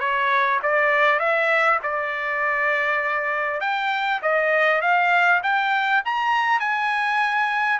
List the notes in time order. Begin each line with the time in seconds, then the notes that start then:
0.00 C#5
0.63 D5
1.19 E5
1.83 D5
3.61 G5
4.22 D#5
4.82 F5
5.43 G5
6.05 A#5
6.60 G#5